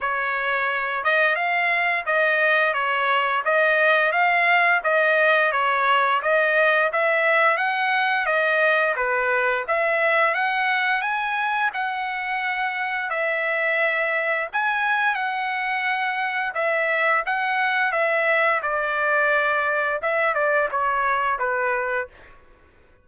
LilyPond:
\new Staff \with { instrumentName = "trumpet" } { \time 4/4 \tempo 4 = 87 cis''4. dis''8 f''4 dis''4 | cis''4 dis''4 f''4 dis''4 | cis''4 dis''4 e''4 fis''4 | dis''4 b'4 e''4 fis''4 |
gis''4 fis''2 e''4~ | e''4 gis''4 fis''2 | e''4 fis''4 e''4 d''4~ | d''4 e''8 d''8 cis''4 b'4 | }